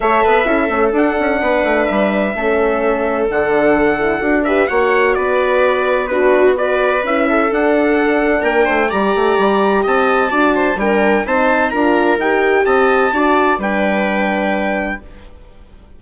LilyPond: <<
  \new Staff \with { instrumentName = "trumpet" } { \time 4/4 \tempo 4 = 128 e''2 fis''2 | e''2. fis''4~ | fis''4. e''8 fis''4 d''4~ | d''4 b'4 d''4 e''4 |
fis''2 g''4 ais''4~ | ais''4 a''2 g''4 | a''4 ais''4 g''4 a''4~ | a''4 g''2. | }
  \new Staff \with { instrumentName = "viola" } { \time 4/4 cis''8 b'8 a'2 b'4~ | b'4 a'2.~ | a'4. b'8 cis''4 b'4~ | b'4 fis'4 b'4. a'8~ |
a'2 ais'8 c''8 d''4~ | d''4 dis''4 d''8 c''8 ais'4 | c''4 ais'2 dis''4 | d''4 b'2. | }
  \new Staff \with { instrumentName = "horn" } { \time 4/4 a'4 e'8 cis'8 d'2~ | d'4 cis'2 d'4~ | d'8 e'8 fis'8 g'8 fis'2~ | fis'4 d'4 fis'4 e'4 |
d'2. g'4~ | g'2 fis'4 d'4 | dis'4 f'4 g'2 | fis'4 d'2. | }
  \new Staff \with { instrumentName = "bassoon" } { \time 4/4 a8 b8 cis'8 a8 d'8 cis'8 b8 a8 | g4 a2 d4~ | d4 d'4 ais4 b4~ | b2. cis'4 |
d'2 ais8 a8 g8 a8 | g4 c'4 d'4 g4 | c'4 d'4 dis'4 c'4 | d'4 g2. | }
>>